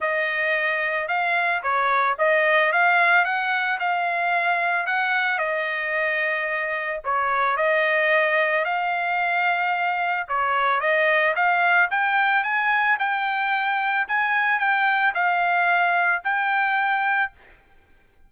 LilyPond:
\new Staff \with { instrumentName = "trumpet" } { \time 4/4 \tempo 4 = 111 dis''2 f''4 cis''4 | dis''4 f''4 fis''4 f''4~ | f''4 fis''4 dis''2~ | dis''4 cis''4 dis''2 |
f''2. cis''4 | dis''4 f''4 g''4 gis''4 | g''2 gis''4 g''4 | f''2 g''2 | }